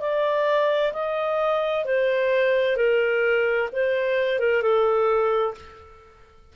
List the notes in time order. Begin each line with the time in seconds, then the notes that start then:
0.00 D5
0.92 D#5
1.85 C5
2.76 A#4
3.72 C5
4.39 A#4
4.62 A4